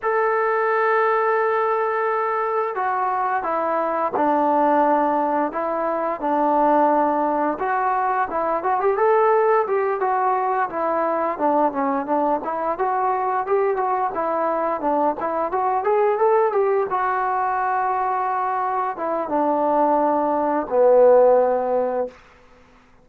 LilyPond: \new Staff \with { instrumentName = "trombone" } { \time 4/4 \tempo 4 = 87 a'1 | fis'4 e'4 d'2 | e'4 d'2 fis'4 | e'8 fis'16 g'16 a'4 g'8 fis'4 e'8~ |
e'8 d'8 cis'8 d'8 e'8 fis'4 g'8 | fis'8 e'4 d'8 e'8 fis'8 gis'8 a'8 | g'8 fis'2. e'8 | d'2 b2 | }